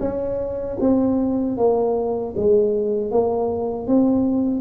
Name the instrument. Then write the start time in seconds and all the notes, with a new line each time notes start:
tuba
0.00 C#4
0.80 C4
1.57 A#3
2.36 G#3
3.11 A#3
3.87 C4